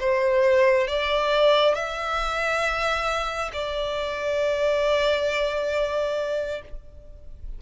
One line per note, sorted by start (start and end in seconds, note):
0.00 0.87 C5
0.87 1.75 D5
1.75 3.51 E5
3.53 6.62 D5